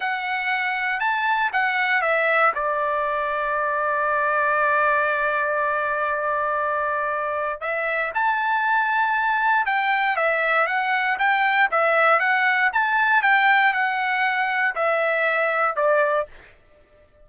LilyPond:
\new Staff \with { instrumentName = "trumpet" } { \time 4/4 \tempo 4 = 118 fis''2 a''4 fis''4 | e''4 d''2.~ | d''1~ | d''2. e''4 |
a''2. g''4 | e''4 fis''4 g''4 e''4 | fis''4 a''4 g''4 fis''4~ | fis''4 e''2 d''4 | }